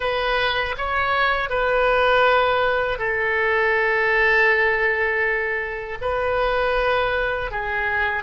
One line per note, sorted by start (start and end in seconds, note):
0.00 0.75 B4
0.77 1.49 C#5
1.49 2.98 B4
2.98 5.98 A4
6.01 7.51 B4
7.51 8.23 G#4